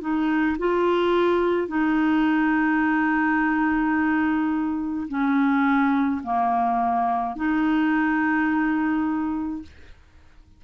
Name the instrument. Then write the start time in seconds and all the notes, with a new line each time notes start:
clarinet
0.00 D#4
0.58 F4
1.68 D#4
5.08 C#4
6.23 A#3
7.35 D#4